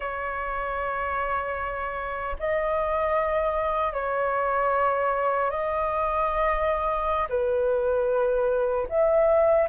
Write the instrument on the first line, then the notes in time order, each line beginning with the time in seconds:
flute
0.00 C#5
2.39 D#5
3.93 C#5
5.50 D#5
7.29 B4
8.89 E5